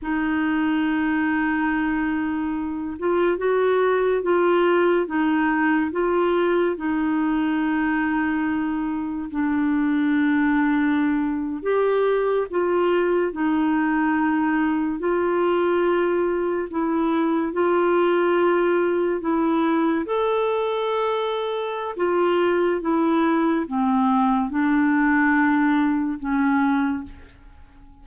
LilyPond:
\new Staff \with { instrumentName = "clarinet" } { \time 4/4 \tempo 4 = 71 dis'2.~ dis'8 f'8 | fis'4 f'4 dis'4 f'4 | dis'2. d'4~ | d'4.~ d'16 g'4 f'4 dis'16~ |
dis'4.~ dis'16 f'2 e'16~ | e'8. f'2 e'4 a'16~ | a'2 f'4 e'4 | c'4 d'2 cis'4 | }